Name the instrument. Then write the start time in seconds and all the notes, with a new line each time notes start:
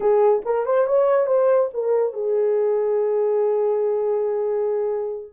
horn
0.00 G#4
0.45 A#4
0.65 C5
0.86 C#5
1.26 C5
1.73 A#4
2.13 G#4